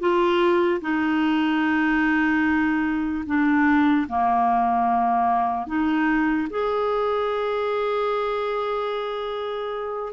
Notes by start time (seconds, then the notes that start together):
0.00 F4
0.81 D#4
3.27 D4
4.09 A#3
5.67 D#4
6.50 G#4